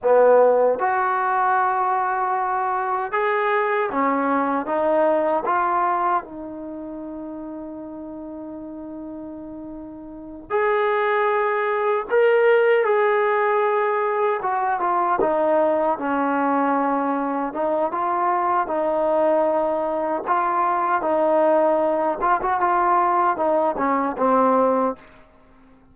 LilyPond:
\new Staff \with { instrumentName = "trombone" } { \time 4/4 \tempo 4 = 77 b4 fis'2. | gis'4 cis'4 dis'4 f'4 | dis'1~ | dis'4. gis'2 ais'8~ |
ais'8 gis'2 fis'8 f'8 dis'8~ | dis'8 cis'2 dis'8 f'4 | dis'2 f'4 dis'4~ | dis'8 f'16 fis'16 f'4 dis'8 cis'8 c'4 | }